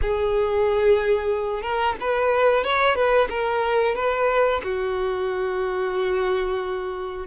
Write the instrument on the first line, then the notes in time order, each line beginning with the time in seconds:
violin
0.01 G#4
1.62 A#4
2.00 B4
2.64 C#5
2.95 B4
3.29 A#4
3.95 B4
4.63 F#4